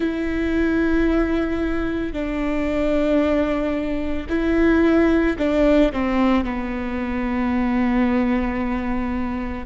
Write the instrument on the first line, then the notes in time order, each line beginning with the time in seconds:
viola
0.00 E4
2.12 D4
4.29 E4
5.38 D4
5.92 C4
6.44 B3